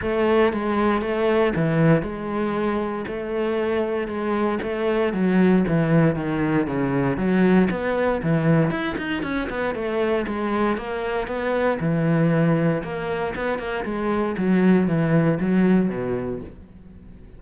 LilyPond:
\new Staff \with { instrumentName = "cello" } { \time 4/4 \tempo 4 = 117 a4 gis4 a4 e4 | gis2 a2 | gis4 a4 fis4 e4 | dis4 cis4 fis4 b4 |
e4 e'8 dis'8 cis'8 b8 a4 | gis4 ais4 b4 e4~ | e4 ais4 b8 ais8 gis4 | fis4 e4 fis4 b,4 | }